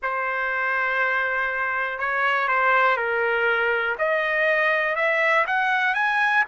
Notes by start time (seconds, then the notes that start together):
0.02 C5
1.98 C#5
2.47 C5
2.96 A#4
3.98 D#5
4.95 E5
5.47 F#5
5.94 G#5